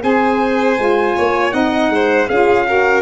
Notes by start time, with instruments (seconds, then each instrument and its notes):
0.00 tuba C4, saxophone G#4, violin C5, trumpet G#5
0.78 tuba G#3, saxophone F4
1.16 tuba A#3, violin C#5
1.51 tuba C4, saxophone D#4, violin D#5, trumpet F#5
1.89 tuba G#3, violin C5
2.28 tuba C#4, saxophone F4, violin G#4, trumpet F5
2.67 saxophone F#4, violin A#4